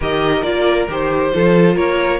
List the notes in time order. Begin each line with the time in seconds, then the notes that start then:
0.00 D#3 G4 A#4 D#5
0.42 A#3 F4 D5
0.87 D#3 G4 C5
1.33 F3 F4 A4
1.75 A#3 A#4 C#5